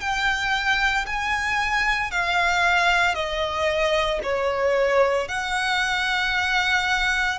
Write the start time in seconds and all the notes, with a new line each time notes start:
0.00 G5
1.06 G#5
2.11 F5
3.14 D#5
4.22 C#5
5.28 F#5